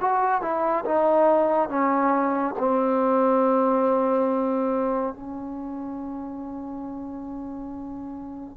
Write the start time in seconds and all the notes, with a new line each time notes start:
0.00 F#4
0.42 E4
0.85 D#4
1.69 C#4
2.58 C4
5.14 C#4